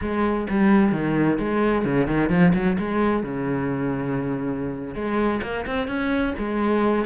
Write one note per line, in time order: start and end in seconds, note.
0.01 0.47 G#3
0.49 0.92 G3
0.92 1.38 D#3
1.38 1.85 G#3
1.85 2.06 C#3
2.06 2.29 D#3
2.29 2.52 F3
2.54 2.77 F#3
2.78 3.23 G#3
3.23 4.94 C#3
4.94 5.41 G#3
5.42 5.65 A#3
5.66 5.87 C4
5.87 6.33 C#4
6.38 7.05 G#3